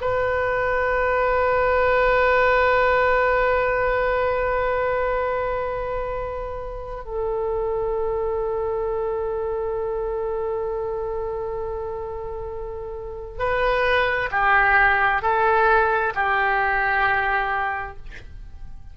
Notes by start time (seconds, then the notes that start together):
0.00 B4
7.05 A4
13.38 B4
14.31 G4
15.22 A4
16.14 G4